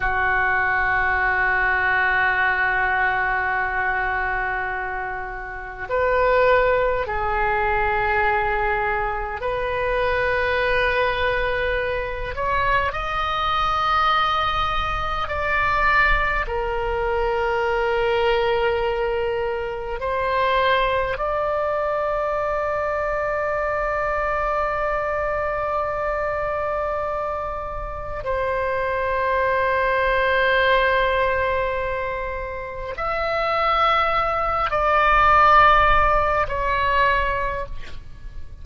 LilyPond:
\new Staff \with { instrumentName = "oboe" } { \time 4/4 \tempo 4 = 51 fis'1~ | fis'4 b'4 gis'2 | b'2~ b'8 cis''8 dis''4~ | dis''4 d''4 ais'2~ |
ais'4 c''4 d''2~ | d''1 | c''1 | e''4. d''4. cis''4 | }